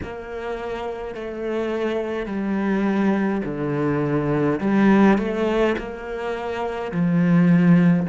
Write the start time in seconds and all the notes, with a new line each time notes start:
0.03 A#3
1.14 A3
2.26 G3
3.44 D3
4.60 G3
5.18 A3
5.77 A#3
6.91 F3